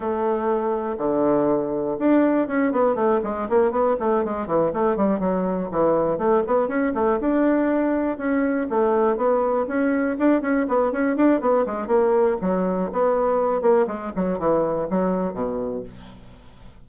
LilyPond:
\new Staff \with { instrumentName = "bassoon" } { \time 4/4 \tempo 4 = 121 a2 d2 | d'4 cis'8 b8 a8 gis8 ais8 b8 | a8 gis8 e8 a8 g8 fis4 e8~ | e8 a8 b8 cis'8 a8 d'4.~ |
d'8 cis'4 a4 b4 cis'8~ | cis'8 d'8 cis'8 b8 cis'8 d'8 b8 gis8 | ais4 fis4 b4. ais8 | gis8 fis8 e4 fis4 b,4 | }